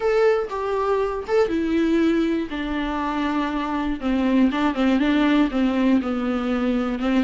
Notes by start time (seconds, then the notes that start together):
0.00 A4
0.49 G4
1.27 A4
1.48 E4
2.50 D4
4.00 C4
4.51 D4
4.74 C4
4.99 D4
5.50 C4
6.01 B3
6.99 C4